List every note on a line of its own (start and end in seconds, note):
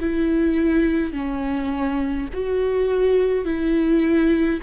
0.00 1.12 E4
1.12 2.28 C#4
2.33 3.45 F#4
3.45 4.60 E4